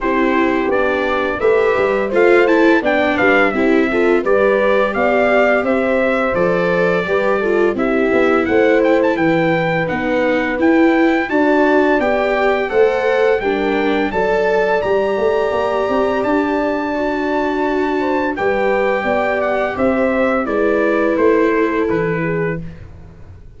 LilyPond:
<<
  \new Staff \with { instrumentName = "trumpet" } { \time 4/4 \tempo 4 = 85 c''4 d''4 e''4 f''8 a''8 | g''8 f''8 e''4 d''4 f''4 | e''4 d''2 e''4 | fis''8 g''16 a''16 g''4 fis''4 g''4 |
a''4 g''4 fis''4 g''4 | a''4 ais''2 a''4~ | a''2 g''4. fis''8 | e''4 d''4 c''4 b'4 | }
  \new Staff \with { instrumentName = "horn" } { \time 4/4 g'2 b'4 c''4 | d''8 b'8 g'8 a'8 b'4 d''4 | c''2 b'8 a'8 g'4 | c''4 b'2. |
d''2 c''4 ais'4 | d''1~ | d''4. c''8 b'4 d''4 | c''4 b'4. a'4 gis'8 | }
  \new Staff \with { instrumentName = "viola" } { \time 4/4 e'4 d'4 g'4 f'8 e'8 | d'4 e'8 f'8 g'2~ | g'4 a'4 g'8 f'8 e'4~ | e'2 dis'4 e'4 |
fis'4 g'4 a'4 d'4 | a'4 g'2. | fis'2 g'2~ | g'4 e'2. | }
  \new Staff \with { instrumentName = "tuba" } { \time 4/4 c'4 b4 a8 g8 a4 | b8 g8 c'4 g4 b4 | c'4 f4 g4 c'8 b8 | a4 e4 b4 e'4 |
d'4 b4 a4 g4 | fis4 g8 a8 ais8 c'8 d'4~ | d'2 g4 b4 | c'4 gis4 a4 e4 | }
>>